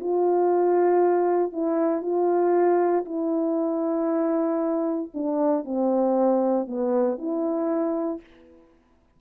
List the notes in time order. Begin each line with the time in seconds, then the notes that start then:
0.00 F4
1.52 E4
2.02 F4
3.05 E4
5.14 D4
5.65 C4
6.68 B3
7.18 E4